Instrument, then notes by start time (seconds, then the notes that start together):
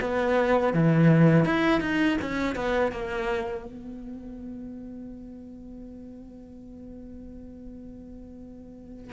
cello
0.00 B3
0.73 E3
1.45 E4
1.80 D#4
2.21 C#4
2.55 B3
2.91 A#3
3.65 B3